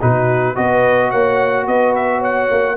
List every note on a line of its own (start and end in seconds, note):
0.00 0.57 B2
0.00 0.55 D#4
0.00 0.56 F#4
0.00 0.55 B4
0.55 1.12 B3
0.55 2.77 F#4
0.55 1.10 B4
0.55 1.10 D#5
1.10 1.66 A#3
1.10 1.65 C#5
1.10 1.66 F#5
1.66 2.50 B3
1.66 2.18 B4
1.66 1.95 D#5
1.95 2.22 E5
2.18 2.73 C#5
2.18 2.77 F#5
2.50 2.77 A#3